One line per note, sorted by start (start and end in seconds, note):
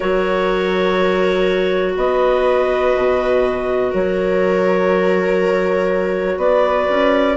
0.00 1.96 F#3
0.00 7.34 F#4
0.00 1.96 A#4
0.00 1.94 C#5
1.96 2.94 B3
1.96 3.91 B4
1.96 3.93 D#5
2.95 3.93 B2
3.91 6.37 F#3
3.91 6.37 A#4
3.91 6.39 C#5
6.37 6.86 B3
6.37 7.36 B4
6.37 7.37 D5
6.89 7.37 C#4